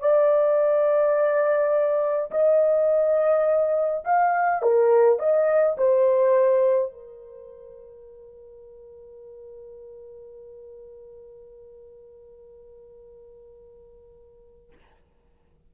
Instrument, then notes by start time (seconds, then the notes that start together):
horn
0.00 D5
2.31 D#5
4.04 F5
4.62 A#4
5.19 D#5
5.77 C5
6.92 A#4